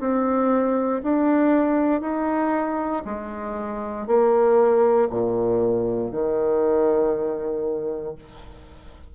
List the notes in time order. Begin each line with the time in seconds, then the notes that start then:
0.00 C4
1.04 D4
2.02 D#4
3.06 G#3
4.07 A#3
5.10 A#2
6.12 D#3